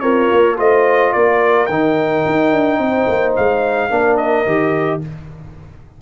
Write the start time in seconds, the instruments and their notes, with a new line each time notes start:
0.00 tuba C4, horn F4, trombone A#4, trumpet C#5
0.31 tuba A#3
0.57 tuba A3, trombone F4, horn C5, trumpet D#5
1.13 tuba A#3, horn A#4, trumpet D5
1.66 tuba D#3, trombone D#4, trumpet G5
2.26 tuba D#4
2.52 tuba D4
2.78 tuba C4, horn C5
3.08 tuba A#3
3.36 tuba G#3, trumpet F5
3.90 tuba A#3, trombone D4, horn A#4
4.17 trumpet D#5
4.46 tuba D#3, trombone G4